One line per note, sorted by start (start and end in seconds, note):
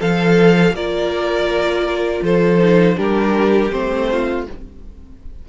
0.00 0.72 F3
0.00 0.74 A4
0.00 0.75 A4
0.00 0.75 F5
0.72 2.20 A#3
0.72 2.59 F4
0.72 2.23 A#4
0.72 2.24 D5
2.23 2.97 F3
2.23 2.97 A4
2.23 2.99 C5
2.59 2.95 D#4
2.95 3.73 G3
2.95 3.69 D4
2.95 4.08 G4
2.95 3.71 A#4
3.71 4.47 A3
3.71 4.46 C4
3.71 4.46 C5
4.12 4.49 F4